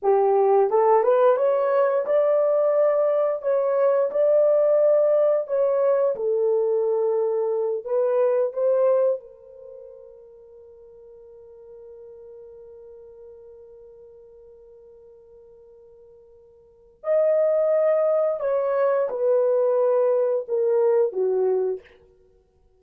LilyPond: \new Staff \with { instrumentName = "horn" } { \time 4/4 \tempo 4 = 88 g'4 a'8 b'8 cis''4 d''4~ | d''4 cis''4 d''2 | cis''4 a'2~ a'8 b'8~ | b'8 c''4 ais'2~ ais'8~ |
ais'1~ | ais'1~ | ais'4 dis''2 cis''4 | b'2 ais'4 fis'4 | }